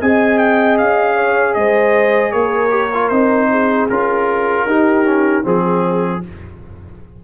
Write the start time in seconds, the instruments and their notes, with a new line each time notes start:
0.00 tuba C4, trombone G#4, horn D#5, trumpet G#5
0.38 trumpet G5
0.78 tuba C#4, trumpet F5
1.15 horn C#5
1.54 tuba G#3, horn C5, trumpet D#5
2.32 tuba A#3, horn A#4, trumpet C#5
2.70 trombone G4
2.94 trombone F4
3.09 tuba C4, trombone D#4, trumpet C5
3.51 horn G#4
3.90 tuba C#4, trombone F4, trumpet A#4
4.66 tuba D#4, trombone D#4, horn G4
5.05 trombone C#4
5.43 tuba F3, trombone C4, horn G#4, trumpet G#4